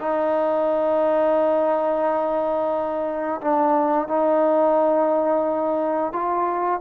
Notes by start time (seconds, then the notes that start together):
0.00 D#4
3.42 D4
4.08 D#4
6.13 F4